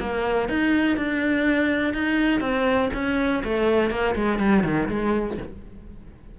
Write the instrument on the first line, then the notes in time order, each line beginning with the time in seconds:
cello
0.00 A#3
0.49 D#4
0.97 D4
1.94 D#4
2.41 C4
2.94 C#4
3.44 A3
3.91 A#3
4.16 G#3
4.39 G3
4.64 D#3
4.89 G#3